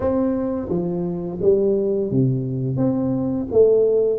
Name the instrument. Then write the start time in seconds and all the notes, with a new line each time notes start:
tuba
0.00 C4
0.69 F3
1.41 G3
2.11 C3
2.77 C4
3.51 A3